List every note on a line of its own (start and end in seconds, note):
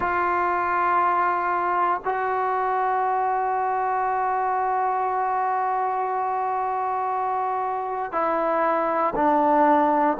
0.00 2.01 F4
2.04 8.11 F#4
8.11 9.13 E4
9.15 10.17 D4